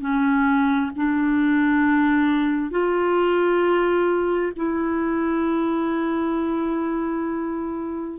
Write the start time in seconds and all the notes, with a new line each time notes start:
0.00 C#4
0.95 D4
2.70 F4
4.55 E4